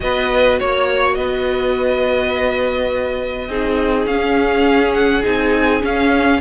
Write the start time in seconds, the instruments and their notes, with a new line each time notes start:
0.00 cello B3, viola F#4, violin B4 D#5
0.59 cello A#3, violin C#5
1.14 cello B3, violin B4 D#5
3.48 cello C4, viola D#4, violin G#4
4.06 cello C#4, viola C#4, violin F5
4.93 violin F#5
5.23 cello C4, viola D#4, violin G#5
5.80 viola C#4, cello C#4, violin F5